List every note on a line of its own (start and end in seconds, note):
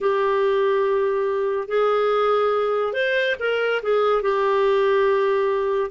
0.00 1.68 G4
1.68 2.93 G#4
2.93 3.35 C5
3.39 3.81 A#4
3.82 4.21 G#4
4.21 5.90 G4